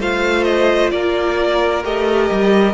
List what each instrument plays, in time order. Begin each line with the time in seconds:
0.00 cello A3, viola F4, violin C5 F5
0.44 violin D#5
0.91 cello A#3, violin A#4 D5
1.84 cello A3, viola G4, violin D#5
2.31 cello G3